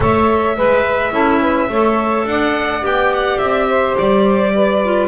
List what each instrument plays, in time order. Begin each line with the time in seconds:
0.00 double bass A3, clarinet A4, saxophone C#5, violin E5
0.56 double bass G#3, saxophone B4, clarinet B4
1.11 double bass C#4, clarinet E4, saxophone A4
1.41 saxophone B4
1.68 double bass A3, clarinet A4, saxophone C#5
2.25 double bass D4, saxophone D5, violin F#5
2.81 double bass B3, clarinet G4, violin G5
3.13 violin F#5
3.38 double bass C4, violin E5
3.68 saxophone C5
3.98 double bass G3, violin D5
4.54 saxophone B4
4.84 clarinet F4